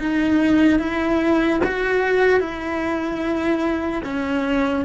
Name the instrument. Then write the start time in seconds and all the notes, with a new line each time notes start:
cello
0.00 D#4
0.80 E4
1.65 F#4
2.40 E4
4.04 C#4